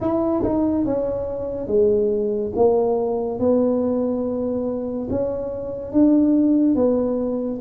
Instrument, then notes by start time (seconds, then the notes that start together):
tuba
0.00 E4
0.43 D#4
0.85 C#4
1.67 G#3
2.55 A#3
3.39 B3
5.10 C#4
5.92 D4
6.75 B3